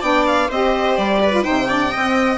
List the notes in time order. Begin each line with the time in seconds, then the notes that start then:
0.00 B3 D4 D5 G5
0.26 F5
0.47 C4 G4 C5 D#5
0.96 G3 D5
1.22 B4
1.31 F4
1.43 C3 D#4 C5 G5
1.67 D4 D5
1.91 C4 D#5